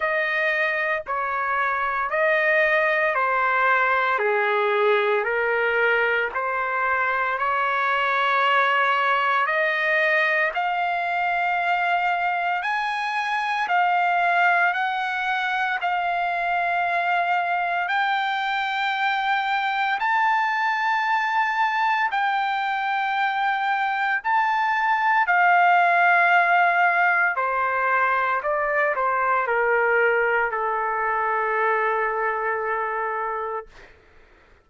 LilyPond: \new Staff \with { instrumentName = "trumpet" } { \time 4/4 \tempo 4 = 57 dis''4 cis''4 dis''4 c''4 | gis'4 ais'4 c''4 cis''4~ | cis''4 dis''4 f''2 | gis''4 f''4 fis''4 f''4~ |
f''4 g''2 a''4~ | a''4 g''2 a''4 | f''2 c''4 d''8 c''8 | ais'4 a'2. | }